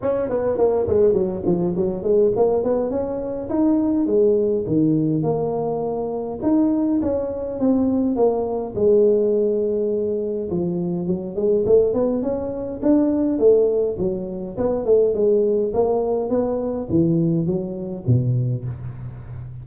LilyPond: \new Staff \with { instrumentName = "tuba" } { \time 4/4 \tempo 4 = 103 cis'8 b8 ais8 gis8 fis8 f8 fis8 gis8 | ais8 b8 cis'4 dis'4 gis4 | dis4 ais2 dis'4 | cis'4 c'4 ais4 gis4~ |
gis2 f4 fis8 gis8 | a8 b8 cis'4 d'4 a4 | fis4 b8 a8 gis4 ais4 | b4 e4 fis4 b,4 | }